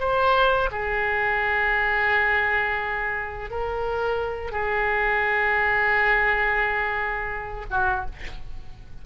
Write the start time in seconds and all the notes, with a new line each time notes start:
0.00 C5
0.72 G#4
3.51 A#4
4.52 G#4
7.71 F#4